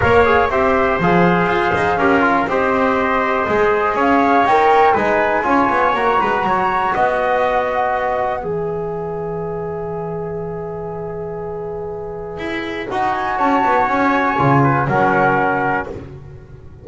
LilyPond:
<<
  \new Staff \with { instrumentName = "flute" } { \time 4/4 \tempo 4 = 121 f''4 e''4 f''2~ | f''4 dis''2. | f''4 g''4 gis''2 | ais''2 fis''2~ |
fis''4 e''2.~ | e''1~ | e''2 fis''8 gis''8 a''4 | gis''2 fis''2 | }
  \new Staff \with { instrumentName = "trumpet" } { \time 4/4 cis''4 c''2. | ais'4 c''2. | cis''2 b'4 cis''4~ | cis''8 b'8 cis''4 dis''2~ |
dis''4 b'2.~ | b'1~ | b'2. cis''4~ | cis''4. b'8 ais'2 | }
  \new Staff \with { instrumentName = "trombone" } { \time 4/4 ais'8 gis'8 g'4 gis'2 | g'8 f'8 g'2 gis'4~ | gis'4 ais'4 dis'4 f'4 | fis'1~ |
fis'4 gis'2.~ | gis'1~ | gis'2 fis'2~ | fis'4 f'4 cis'2 | }
  \new Staff \with { instrumentName = "double bass" } { \time 4/4 ais4 c'4 f4 f'8 dis'8 | cis'4 c'2 gis4 | cis'4 dis'4 gis4 cis'8 b8 | ais8 gis8 fis4 b2~ |
b4 e2.~ | e1~ | e4 e'4 dis'4 cis'8 b8 | cis'4 cis4 fis2 | }
>>